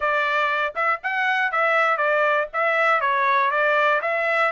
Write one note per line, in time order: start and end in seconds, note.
0.00 0.74 D5
0.75 1.00 E5
1.02 1.51 F#5
1.51 1.97 E5
1.97 2.47 D5
2.53 3.00 E5
3.00 3.50 C#5
3.50 4.00 D5
4.01 4.51 E5